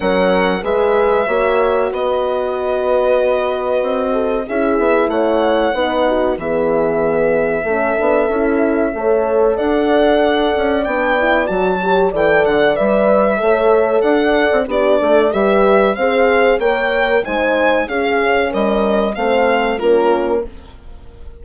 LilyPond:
<<
  \new Staff \with { instrumentName = "violin" } { \time 4/4 \tempo 4 = 94 fis''4 e''2 dis''4~ | dis''2. e''4 | fis''2 e''2~ | e''2. fis''4~ |
fis''4 g''4 a''4 g''8 fis''8 | e''2 fis''4 d''4 | e''4 f''4 g''4 gis''4 | f''4 dis''4 f''4 ais'4 | }
  \new Staff \with { instrumentName = "horn" } { \time 4/4 ais'4 b'4 cis''4 b'4~ | b'2~ b'8 a'8 gis'4 | cis''4 b'8 fis'8 gis'2 | a'2 cis''4 d''4~ |
d''2~ d''8 cis''8 d''4~ | d''4 cis''4 d''4 g'8 a'8 | b'4 c''4 cis''4 c''4 | gis'4 ais'4 c''4 f'4 | }
  \new Staff \with { instrumentName = "horn" } { \time 4/4 cis'4 gis'4 fis'2~ | fis'2. e'4~ | e'4 dis'4 b2 | cis'8 d'8 e'4 a'2~ |
a'4 d'8 e'8 fis'8 g'8 a'4 | b'4 a'2 d'4 | g'4 gis'4 ais'4 dis'4 | cis'2 c'4 cis'4 | }
  \new Staff \with { instrumentName = "bassoon" } { \time 4/4 fis4 gis4 ais4 b4~ | b2 c'4 cis'8 b8 | a4 b4 e2 | a8 b8 cis'4 a4 d'4~ |
d'8 cis'8 b4 fis4 e8 d8 | g4 a4 d'8. c'16 b8 a8 | g4 c'4 ais4 gis4 | cis'4 g4 a4 ais4 | }
>>